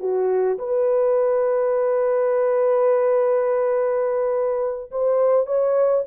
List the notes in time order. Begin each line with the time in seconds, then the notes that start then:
0.00 F#4
0.58 B4
4.91 C5
5.46 C#5